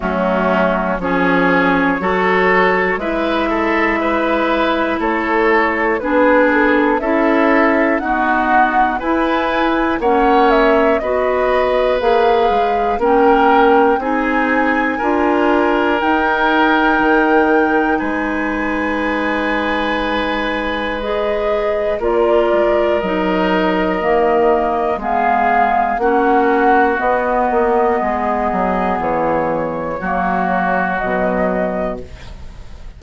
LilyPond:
<<
  \new Staff \with { instrumentName = "flute" } { \time 4/4 \tempo 4 = 60 fis'4 cis''2 e''4~ | e''4 cis''4 b'8 a'8 e''4 | fis''4 gis''4 fis''8 e''8 dis''4 | f''4 g''4 gis''2 |
g''2 gis''2~ | gis''4 dis''4 d''4 dis''4~ | dis''4 f''4 fis''4 dis''4~ | dis''4 cis''2 dis''4 | }
  \new Staff \with { instrumentName = "oboe" } { \time 4/4 cis'4 gis'4 a'4 b'8 a'8 | b'4 a'4 gis'4 a'4 | fis'4 b'4 cis''4 b'4~ | b'4 ais'4 gis'4 ais'4~ |
ais'2 b'2~ | b'2 ais'2~ | ais'4 gis'4 fis'2 | gis'2 fis'2 | }
  \new Staff \with { instrumentName = "clarinet" } { \time 4/4 a4 cis'4 fis'4 e'4~ | e'2 d'4 e'4 | b4 e'4 cis'4 fis'4 | gis'4 cis'4 dis'4 f'4 |
dis'1~ | dis'4 gis'4 f'4 dis'4 | ais4 b4 cis'4 b4~ | b2 ais4 fis4 | }
  \new Staff \with { instrumentName = "bassoon" } { \time 4/4 fis4 f4 fis4 gis4~ | gis4 a4 b4 cis'4 | dis'4 e'4 ais4 b4 | ais8 gis8 ais4 c'4 d'4 |
dis'4 dis4 gis2~ | gis2 ais8 gis8 fis4 | dis4 gis4 ais4 b8 ais8 | gis8 fis8 e4 fis4 b,4 | }
>>